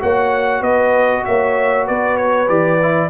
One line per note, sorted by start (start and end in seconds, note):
0.00 0.61 A#3
0.00 2.47 F#4
0.00 0.61 C#5
0.00 0.63 F#5
0.61 1.23 B3
0.61 1.23 B4
0.61 1.25 D#5
1.25 1.89 A#3
1.25 1.86 C#5
1.25 1.87 E5
1.86 2.49 B3
1.86 3.10 B4
1.86 2.17 D5
2.17 2.48 C#5
2.48 3.10 E3
2.48 2.79 G4
2.48 3.10 D5
2.82 3.10 E4